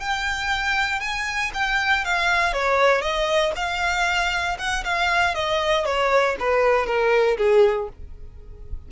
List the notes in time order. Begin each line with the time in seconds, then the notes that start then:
0.00 G5
1.00 G#5
1.54 G5
2.05 F5
2.53 C#5
3.02 D#5
3.56 F5
4.59 F#5
4.84 F5
5.35 D#5
5.85 C#5
6.40 B4
6.86 A#4
7.38 G#4